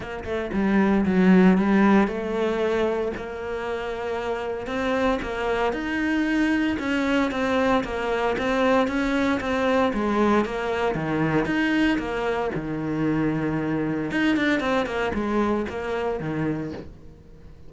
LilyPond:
\new Staff \with { instrumentName = "cello" } { \time 4/4 \tempo 4 = 115 ais8 a8 g4 fis4 g4 | a2 ais2~ | ais4 c'4 ais4 dis'4~ | dis'4 cis'4 c'4 ais4 |
c'4 cis'4 c'4 gis4 | ais4 dis4 dis'4 ais4 | dis2. dis'8 d'8 | c'8 ais8 gis4 ais4 dis4 | }